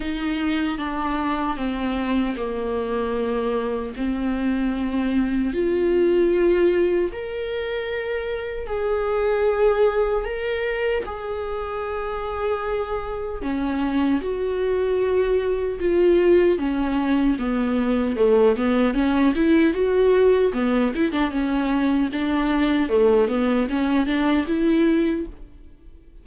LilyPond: \new Staff \with { instrumentName = "viola" } { \time 4/4 \tempo 4 = 76 dis'4 d'4 c'4 ais4~ | ais4 c'2 f'4~ | f'4 ais'2 gis'4~ | gis'4 ais'4 gis'2~ |
gis'4 cis'4 fis'2 | f'4 cis'4 b4 a8 b8 | cis'8 e'8 fis'4 b8 e'16 d'16 cis'4 | d'4 a8 b8 cis'8 d'8 e'4 | }